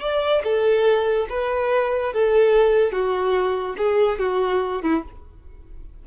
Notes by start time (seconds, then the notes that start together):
0.00 D5
0.43 A4
1.29 B4
2.13 A4
2.92 F#4
3.77 G#4
4.19 F#4
4.82 E4